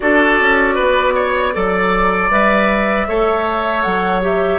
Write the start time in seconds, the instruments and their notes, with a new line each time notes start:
0.00 bassoon D4, clarinet F#4, oboe A4, flute D5
0.40 bassoon C#4
0.74 bassoon B3, oboe B4
1.15 oboe C#5
1.53 bassoon F#3, clarinet A4, oboe D5
2.30 bassoon G3, clarinet B4, flute E5
3.08 bassoon A3, clarinet A4, oboe C#5
3.81 bassoon F#3, flute F#5
4.22 clarinet G4, flute E5